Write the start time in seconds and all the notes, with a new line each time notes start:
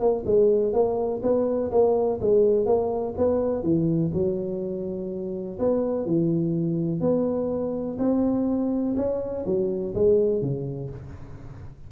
0.00 A#3
0.26 G#3
0.73 A#3
1.23 B3
1.72 A#3
2.21 G#3
2.66 A#3
3.18 B3
3.63 E3
4.13 F#3
5.59 B3
6.06 E3
7.01 B3
7.99 C4
8.97 C#4
9.46 F#3
9.95 G#3
10.42 C#3